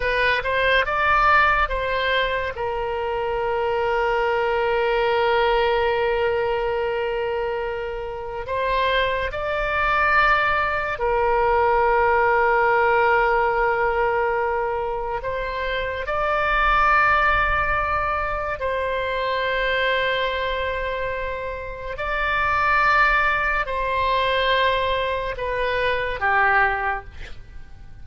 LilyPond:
\new Staff \with { instrumentName = "oboe" } { \time 4/4 \tempo 4 = 71 b'8 c''8 d''4 c''4 ais'4~ | ais'1~ | ais'2 c''4 d''4~ | d''4 ais'2.~ |
ais'2 c''4 d''4~ | d''2 c''2~ | c''2 d''2 | c''2 b'4 g'4 | }